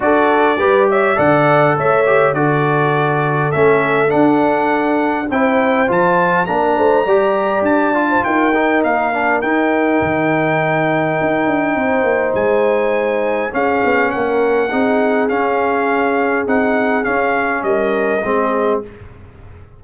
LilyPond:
<<
  \new Staff \with { instrumentName = "trumpet" } { \time 4/4 \tempo 4 = 102 d''4. e''8 fis''4 e''4 | d''2 e''4 fis''4~ | fis''4 g''4 a''4 ais''4~ | ais''4 a''4 g''4 f''4 |
g''1~ | g''4 gis''2 f''4 | fis''2 f''2 | fis''4 f''4 dis''2 | }
  \new Staff \with { instrumentName = "horn" } { \time 4/4 a'4 b'8 cis''8 d''4 cis''4 | a'1~ | a'4 c''2 ais'8 c''8 | d''4.~ d''16 c''16 ais'2~ |
ais'1 | c''2. gis'4 | ais'4 gis'2.~ | gis'2 ais'4 gis'4 | }
  \new Staff \with { instrumentName = "trombone" } { \time 4/4 fis'4 g'4 a'4. g'8 | fis'2 cis'4 d'4~ | d'4 e'4 f'4 d'4 | g'4. f'4 dis'4 d'8 |
dis'1~ | dis'2. cis'4~ | cis'4 dis'4 cis'2 | dis'4 cis'2 c'4 | }
  \new Staff \with { instrumentName = "tuba" } { \time 4/4 d'4 g4 d4 a4 | d2 a4 d'4~ | d'4 c'4 f4 ais8 a8 | g4 d'4 dis'4 ais4 |
dis'4 dis2 dis'8 d'8 | c'8 ais8 gis2 cis'8 b8 | ais4 c'4 cis'2 | c'4 cis'4 g4 gis4 | }
>>